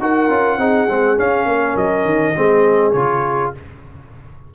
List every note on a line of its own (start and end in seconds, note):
0.00 0.29 D#4
0.00 0.30 F#4
0.00 0.59 A#4
0.00 1.19 F#5
0.29 0.57 C#4
0.29 0.59 F4
0.57 0.87 C4
0.57 0.88 D#4
0.57 1.47 G#4
0.88 1.18 G#3
0.88 1.17 C4
1.17 2.35 C#4
1.17 1.45 C#4
1.17 1.77 F5
1.45 1.75 A#3
1.45 2.36 A#4
1.76 2.05 F#3
1.76 2.92 D#5
2.05 2.34 D#3
2.36 2.94 G#3
2.36 2.95 C4
2.36 3.54 G#4
2.92 3.52 C#3
2.92 3.54 F4
2.92 3.51 C#5